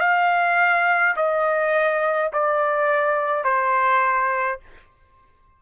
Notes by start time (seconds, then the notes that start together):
0.00 F5
1.16 D#5
2.33 D5
3.44 C5